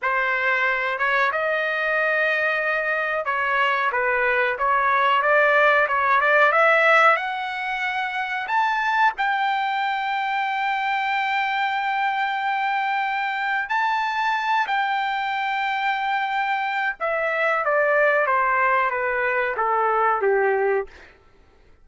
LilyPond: \new Staff \with { instrumentName = "trumpet" } { \time 4/4 \tempo 4 = 92 c''4. cis''8 dis''2~ | dis''4 cis''4 b'4 cis''4 | d''4 cis''8 d''8 e''4 fis''4~ | fis''4 a''4 g''2~ |
g''1~ | g''4 a''4. g''4.~ | g''2 e''4 d''4 | c''4 b'4 a'4 g'4 | }